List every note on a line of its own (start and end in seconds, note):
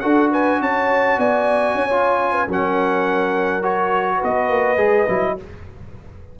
0.00 0.61 D4
0.00 1.90 F#4
0.00 0.31 A4
0.00 0.29 F#5
0.31 0.60 B4
0.31 0.62 G#5
0.61 1.18 C#4
0.61 1.18 C#5
0.61 1.20 A5
1.18 1.75 B3
1.18 1.75 D5
1.18 2.50 G#5
1.75 2.47 C#4
1.75 2.33 C#5
1.90 2.48 F4
2.33 2.47 B4
2.48 4.22 F#3
2.48 3.62 C#4
2.48 4.17 A#4
2.48 3.64 F#5
3.62 4.78 F#4
3.62 4.22 C#5
4.17 5.33 B4
4.24 4.50 B3
4.24 5.40 D#5
4.50 4.77 A#3
4.77 5.06 G#3
4.77 5.06 G#4
5.09 5.38 F#3
5.09 5.37 E4